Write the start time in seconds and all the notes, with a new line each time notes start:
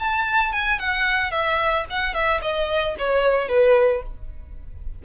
0.00 A5
0.53 G#5
0.80 F#5
1.31 E5
1.90 F#5
2.14 E5
2.42 D#5
2.99 C#5
3.49 B4